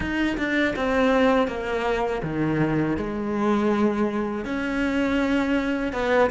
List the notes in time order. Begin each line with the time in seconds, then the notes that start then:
0.00 D#4
0.37 D4
0.75 C4
1.47 A#3
2.23 D#3
2.96 G#3
4.44 C#4
5.93 B3